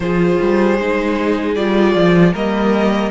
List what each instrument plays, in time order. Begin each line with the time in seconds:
0.00 cello F3, viola F4, violin G#4 C5
0.41 cello G3
0.79 cello G#3, viola D#4
1.55 cello G3, viola F4, violin D5
1.94 cello F3
2.32 cello G3, viola A#3, violin A#4 D#5